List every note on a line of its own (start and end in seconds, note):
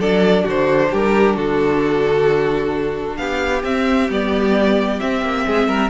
0.00 0.45 F#3
0.00 3.65 D4
0.00 0.44 A4
0.00 0.47 D5
0.44 0.92 D3
0.44 0.89 F#4
0.50 0.95 C5
0.91 1.38 G3
0.91 1.36 G4
0.91 1.38 A#4
1.36 3.18 D3
1.36 3.18 F#4
1.36 3.17 A4
3.17 3.64 B3
3.17 5.47 G4
3.17 3.62 F5
3.64 4.09 C4
3.64 4.10 C4
3.64 4.11 E5
4.10 5.01 G3
4.10 5.00 B3
4.10 5.01 D5
5.00 5.91 C4
5.00 5.22 C4
5.00 5.91 E5
5.22 5.45 A#3
5.47 5.68 G#3
5.47 5.69 G#4
5.68 5.91 G3
5.68 5.91 A#4